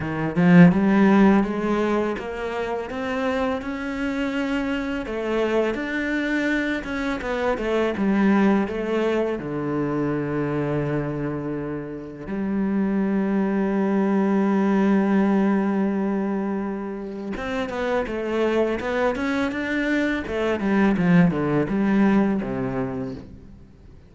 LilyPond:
\new Staff \with { instrumentName = "cello" } { \time 4/4 \tempo 4 = 83 dis8 f8 g4 gis4 ais4 | c'4 cis'2 a4 | d'4. cis'8 b8 a8 g4 | a4 d2.~ |
d4 g2.~ | g1 | c'8 b8 a4 b8 cis'8 d'4 | a8 g8 f8 d8 g4 c4 | }